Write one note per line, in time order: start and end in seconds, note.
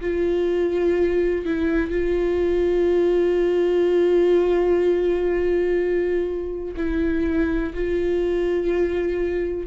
0.00 1.45 F4
1.45 1.90 E4
1.90 6.74 F4
6.76 7.73 E4
7.74 9.67 F4